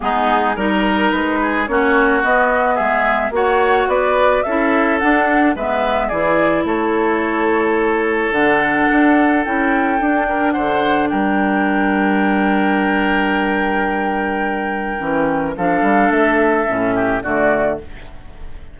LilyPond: <<
  \new Staff \with { instrumentName = "flute" } { \time 4/4 \tempo 4 = 108 gis'4 ais'4 b'4 cis''4 | dis''4 e''4 fis''4 d''4 | e''4 fis''4 e''4 d''4 | cis''2. fis''4~ |
fis''4 g''2 fis''4 | g''1~ | g''1 | f''4 e''2 d''4 | }
  \new Staff \with { instrumentName = "oboe" } { \time 4/4 dis'4 ais'4. gis'8 fis'4~ | fis'4 gis'4 cis''4 b'4 | a'2 b'4 gis'4 | a'1~ |
a'2~ a'8 ais'8 c''4 | ais'1~ | ais'1 | a'2~ a'8 g'8 fis'4 | }
  \new Staff \with { instrumentName = "clarinet" } { \time 4/4 b4 dis'2 cis'4 | b2 fis'2 | e'4 d'4 b4 e'4~ | e'2. d'4~ |
d'4 e'4 d'2~ | d'1~ | d'2. cis'4 | d'2 cis'4 a4 | }
  \new Staff \with { instrumentName = "bassoon" } { \time 4/4 gis4 g4 gis4 ais4 | b4 gis4 ais4 b4 | cis'4 d'4 gis4 e4 | a2. d4 |
d'4 cis'4 d'4 d4 | g1~ | g2. e4 | f8 g8 a4 a,4 d4 | }
>>